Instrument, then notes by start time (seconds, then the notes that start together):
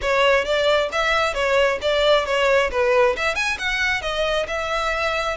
violin
0.01 C#5
0.44 D5
0.92 E5
1.34 C#5
1.81 D5
2.25 C#5
2.71 B4
3.16 E5
3.35 G#5
3.58 F#5
4.01 D#5
4.47 E5